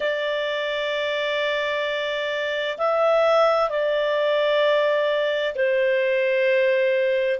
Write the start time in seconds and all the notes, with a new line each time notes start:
0.00 D5
2.78 E5
3.69 D5
5.55 C5